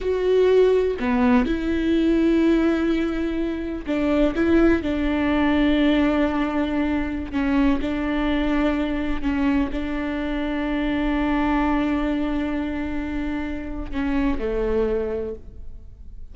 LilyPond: \new Staff \with { instrumentName = "viola" } { \time 4/4 \tempo 4 = 125 fis'2 b4 e'4~ | e'1 | d'4 e'4 d'2~ | d'2.~ d'16 cis'8.~ |
cis'16 d'2. cis'8.~ | cis'16 d'2.~ d'8.~ | d'1~ | d'4 cis'4 a2 | }